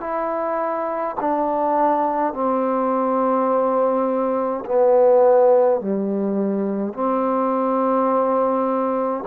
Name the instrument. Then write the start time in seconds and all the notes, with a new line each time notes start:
trombone
0.00 E4
1.20 D4
2.33 C4
4.65 B3
5.81 G3
6.93 C4